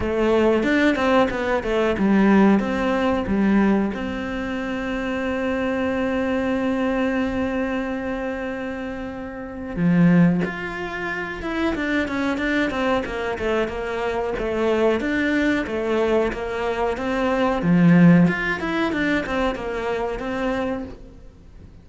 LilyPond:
\new Staff \with { instrumentName = "cello" } { \time 4/4 \tempo 4 = 92 a4 d'8 c'8 b8 a8 g4 | c'4 g4 c'2~ | c'1~ | c'2. f4 |
f'4. e'8 d'8 cis'8 d'8 c'8 | ais8 a8 ais4 a4 d'4 | a4 ais4 c'4 f4 | f'8 e'8 d'8 c'8 ais4 c'4 | }